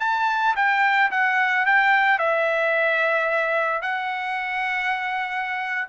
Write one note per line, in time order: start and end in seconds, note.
0.00 0.55 A5
0.56 1.11 G5
1.11 1.66 F#5
1.66 2.19 G5
2.19 3.82 E5
3.82 5.88 F#5